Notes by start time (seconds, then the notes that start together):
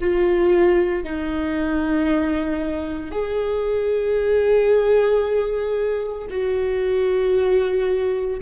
0.00 F4
1.03 D#4
3.11 G#4
6.30 F#4